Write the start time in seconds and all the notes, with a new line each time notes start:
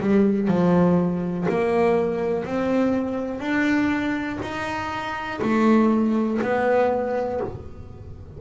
0.00 G3
0.48 F3
1.49 A#3
2.45 C4
3.40 D4
4.42 D#4
5.41 A3
6.42 B3